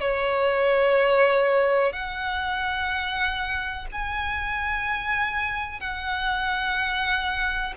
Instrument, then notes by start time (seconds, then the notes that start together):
violin
0.00 C#5
1.92 F#5
3.91 G#5
5.80 F#5